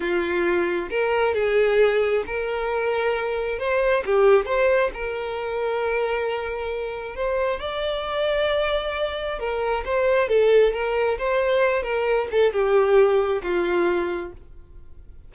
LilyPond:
\new Staff \with { instrumentName = "violin" } { \time 4/4 \tempo 4 = 134 f'2 ais'4 gis'4~ | gis'4 ais'2. | c''4 g'4 c''4 ais'4~ | ais'1 |
c''4 d''2.~ | d''4 ais'4 c''4 a'4 | ais'4 c''4. ais'4 a'8 | g'2 f'2 | }